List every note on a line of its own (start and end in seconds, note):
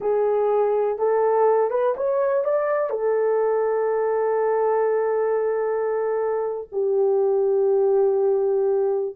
0.00 0.98 G#4
0.98 1.70 A4
1.70 1.94 B4
1.96 2.44 C#5
2.44 2.89 D5
2.89 6.67 A4
6.72 9.15 G4